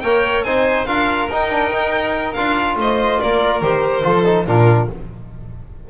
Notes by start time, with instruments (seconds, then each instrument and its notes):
0.00 double bass A#3, trombone A#4, violin C#5 G5
0.43 double bass C4, trombone D#4, violin C5 G#5
0.85 double bass D4, trombone F4, violin A#4 F5
1.29 double bass D#4, trombone D#4, violin G5
1.50 trombone D4
1.72 trombone D#4
2.33 double bass D4, trombone F4, violin F5
2.76 double bass A3, violin C5 D#5
3.20 double bass A#3, violin A#4 D5
3.61 double bass D#3, trombone G4, violin C5
4.03 double bass F3, trombone F4, violin A4
4.25 trombone D#4
4.46 double bass A#2, trombone D4, violin F4 A#4